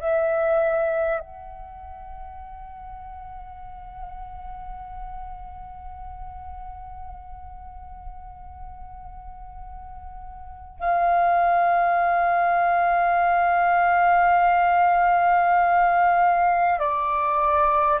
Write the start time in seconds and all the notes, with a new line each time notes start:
0.00 E5
1.19 F#5
10.79 F5
16.79 D5